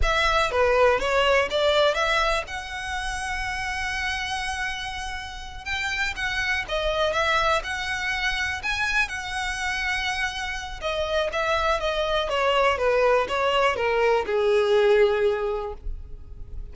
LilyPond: \new Staff \with { instrumentName = "violin" } { \time 4/4 \tempo 4 = 122 e''4 b'4 cis''4 d''4 | e''4 fis''2.~ | fis''2.~ fis''8 g''8~ | g''8 fis''4 dis''4 e''4 fis''8~ |
fis''4. gis''4 fis''4.~ | fis''2 dis''4 e''4 | dis''4 cis''4 b'4 cis''4 | ais'4 gis'2. | }